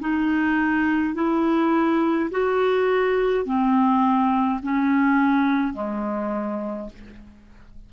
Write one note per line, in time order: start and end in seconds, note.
0.00 1.15 D#4
1.15 2.30 E4
2.31 3.45 F#4
3.45 4.60 C4
4.63 5.74 C#4
5.74 6.89 G#3